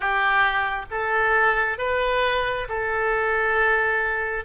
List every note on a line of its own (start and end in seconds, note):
0.00 0.85 G4
0.90 1.78 A4
1.78 2.67 B4
2.69 4.45 A4